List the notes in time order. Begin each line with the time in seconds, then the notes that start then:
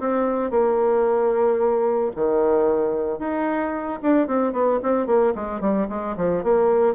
0.00 C4
0.51 A#3
2.16 D#3
3.19 D#4
4.02 D4
4.28 C4
4.53 B3
4.83 C4
5.07 A#3
5.35 G#3
5.61 G3
5.89 G#3
6.17 F3
6.44 A#3